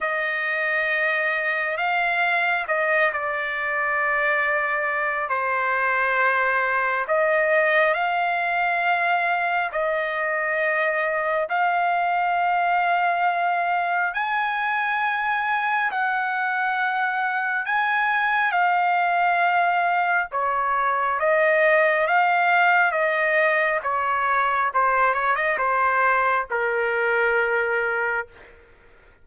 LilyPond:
\new Staff \with { instrumentName = "trumpet" } { \time 4/4 \tempo 4 = 68 dis''2 f''4 dis''8 d''8~ | d''2 c''2 | dis''4 f''2 dis''4~ | dis''4 f''2. |
gis''2 fis''2 | gis''4 f''2 cis''4 | dis''4 f''4 dis''4 cis''4 | c''8 cis''16 dis''16 c''4 ais'2 | }